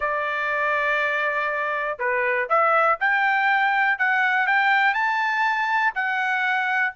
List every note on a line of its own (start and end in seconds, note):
0.00 1.98 D5
1.98 2.48 B4
2.49 2.98 E5
3.00 3.98 G5
3.98 4.47 F#5
4.47 4.94 G5
4.94 5.93 A5
5.94 6.93 F#5